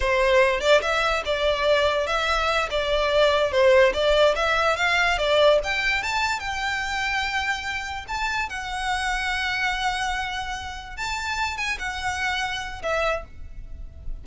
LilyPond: \new Staff \with { instrumentName = "violin" } { \time 4/4 \tempo 4 = 145 c''4. d''8 e''4 d''4~ | d''4 e''4. d''4.~ | d''8 c''4 d''4 e''4 f''8~ | f''8 d''4 g''4 a''4 g''8~ |
g''2.~ g''8 a''8~ | a''8 fis''2.~ fis''8~ | fis''2~ fis''8 a''4. | gis''8 fis''2~ fis''8 e''4 | }